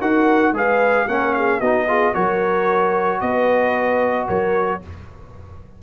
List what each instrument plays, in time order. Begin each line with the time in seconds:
0.00 tuba D#4, trombone F#4, horn A#4, trumpet F#5
0.52 tuba G#3, trombone G#4, horn B4, trumpet F5
1.07 tuba A#3, trombone C#4, horn A#4, trumpet F#5
1.33 horn G#4, trumpet F5
1.59 tuba B3, trombone D#4, horn F#4, trumpet D#5
1.87 trombone F4, horn G#4
2.13 tuba F#3, trombone F#4, horn A#4, trumpet C#5
3.20 tuba B3, horn B4, trumpet D#5
4.27 tuba F#3, horn A#4, trumpet C#5